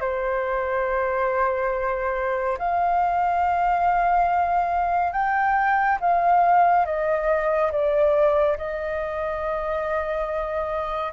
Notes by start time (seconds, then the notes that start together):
0.00 C5
2.58 F5
5.12 G5
6.00 F5
6.85 D#5
7.71 D5
8.57 D#5